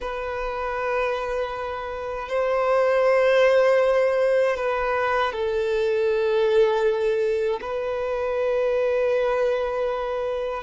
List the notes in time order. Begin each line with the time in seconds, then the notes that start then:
0.00 B4
2.28 C5
4.56 B4
5.32 A4
7.61 B4